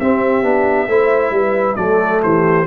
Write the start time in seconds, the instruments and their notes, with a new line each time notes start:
0.00 tuba C4, trombone C4, horn G4, trumpet E5
0.43 tuba B3, trombone D4
0.88 tuba A3, trombone E4, horn C5
1.31 tuba G3, horn B4
1.76 tuba F#3, trombone A3, horn A4, trumpet D5
2.23 tuba E3, horn G4, trumpet C5